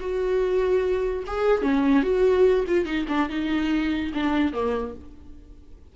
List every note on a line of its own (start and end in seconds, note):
0.00 1.24 F#4
1.27 1.62 G#4
1.62 2.03 C#4
2.03 2.65 F#4
2.68 2.85 F4
2.85 3.06 D#4
3.08 3.29 D4
3.29 4.12 D#4
4.14 4.53 D4
4.53 4.94 A#3